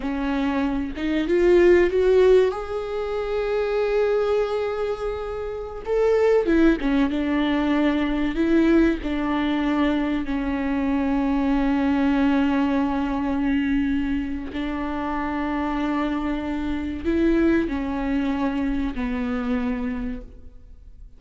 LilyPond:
\new Staff \with { instrumentName = "viola" } { \time 4/4 \tempo 4 = 95 cis'4. dis'8 f'4 fis'4 | gis'1~ | gis'4~ gis'16 a'4 e'8 cis'8 d'8.~ | d'4~ d'16 e'4 d'4.~ d'16~ |
d'16 cis'2.~ cis'8.~ | cis'2. d'4~ | d'2. e'4 | cis'2 b2 | }